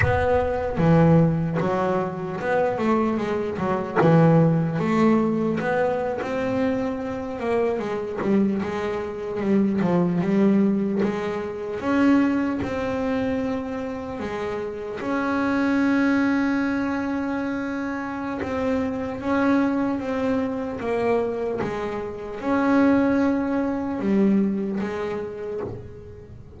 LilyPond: \new Staff \with { instrumentName = "double bass" } { \time 4/4 \tempo 4 = 75 b4 e4 fis4 b8 a8 | gis8 fis8 e4 a4 b8. c'16~ | c'4~ c'16 ais8 gis8 g8 gis4 g16~ | g16 f8 g4 gis4 cis'4 c'16~ |
c'4.~ c'16 gis4 cis'4~ cis'16~ | cis'2. c'4 | cis'4 c'4 ais4 gis4 | cis'2 g4 gis4 | }